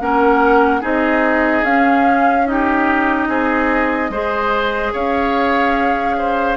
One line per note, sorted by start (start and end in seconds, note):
0.00 0.82 A#3
0.00 0.82 C#4
0.00 0.81 A#4
0.00 0.82 F#5
0.81 1.63 C4
0.81 1.64 D#4
0.81 2.45 G#4
0.81 1.65 D#5
1.63 3.27 C#4
1.63 2.46 C#4
1.63 2.47 F5
2.46 4.11 D#4
2.46 3.29 G4
2.46 4.93 D#5
3.28 4.10 C4
3.28 4.11 G#4
4.10 4.92 G#3
4.10 6.57 G#4
4.10 4.93 C5
4.93 6.57 C#4
4.93 6.16 C#5
4.93 6.57 F5
6.18 6.57 C5